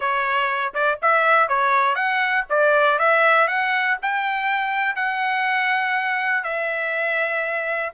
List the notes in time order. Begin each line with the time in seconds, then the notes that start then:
0.00 C#5
0.73 D5
1.02 E5
1.48 C#5
1.95 F#5
2.49 D5
2.98 E5
3.47 F#5
4.01 G5
4.95 F#5
6.43 E5